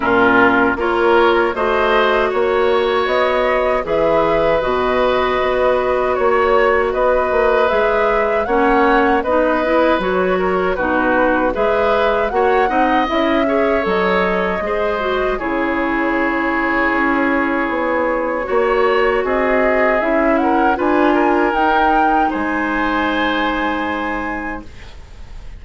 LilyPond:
<<
  \new Staff \with { instrumentName = "flute" } { \time 4/4 \tempo 4 = 78 ais'4 cis''4 dis''4 cis''4 | dis''4 e''4 dis''2 | cis''4 dis''4 e''4 fis''4 | dis''4 cis''4 b'4 e''4 |
fis''4 e''4 dis''2 | cis''1~ | cis''4 dis''4 e''8 fis''8 gis''4 | g''4 gis''2. | }
  \new Staff \with { instrumentName = "oboe" } { \time 4/4 f'4 ais'4 c''4 cis''4~ | cis''4 b'2. | cis''4 b'2 cis''4 | b'4. ais'8 fis'4 b'4 |
cis''8 dis''4 cis''4. c''4 | gis'1 | cis''4 gis'4. ais'8 b'8 ais'8~ | ais'4 c''2. | }
  \new Staff \with { instrumentName = "clarinet" } { \time 4/4 cis'4 f'4 fis'2~ | fis'4 gis'4 fis'2~ | fis'2 gis'4 cis'4 | dis'8 e'8 fis'4 dis'4 gis'4 |
fis'8 dis'8 e'8 gis'8 a'4 gis'8 fis'8 | e'1 | fis'2 e'4 f'4 | dis'1 | }
  \new Staff \with { instrumentName = "bassoon" } { \time 4/4 ais,4 ais4 a4 ais4 | b4 e4 b,4 b4 | ais4 b8 ais8 gis4 ais4 | b4 fis4 b,4 gis4 |
ais8 c'8 cis'4 fis4 gis4 | cis2 cis'4 b4 | ais4 c'4 cis'4 d'4 | dis'4 gis2. | }
>>